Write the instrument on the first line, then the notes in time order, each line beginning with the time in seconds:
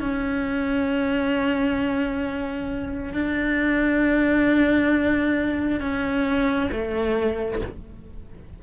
cello
0.00 C#4
3.13 D4
5.80 C#4
6.72 A3